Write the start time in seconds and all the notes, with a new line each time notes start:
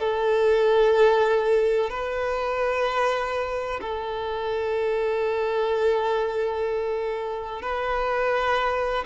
0.00 A4
1.90 B4
3.81 A4
7.62 B4